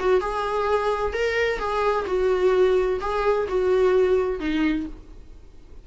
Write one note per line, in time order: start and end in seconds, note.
0.00 0.21 F#4
0.21 1.13 G#4
1.13 1.59 A#4
1.59 2.06 G#4
2.07 3.00 F#4
3.01 3.47 G#4
3.49 4.40 F#4
4.40 4.86 D#4